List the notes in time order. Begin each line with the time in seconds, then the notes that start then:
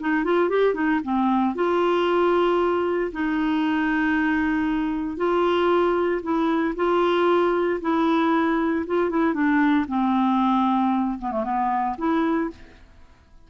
0.00 D#4
0.24 F4
0.49 G4
0.74 D#4
1.04 C4
1.55 F4
3.12 D#4
5.17 F4
6.23 E4
6.76 F4
7.81 E4
8.86 F4
9.10 E4
9.33 D4
9.88 C4
11.19 B3
11.31 A3
11.44 B3
11.98 E4